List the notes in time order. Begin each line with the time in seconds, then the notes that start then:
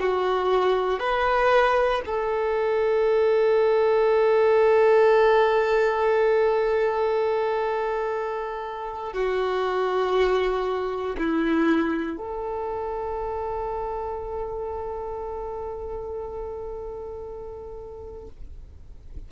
0.00 F#4
0.99 B4
2.05 A4
9.13 F#4
11.18 E4
12.18 A4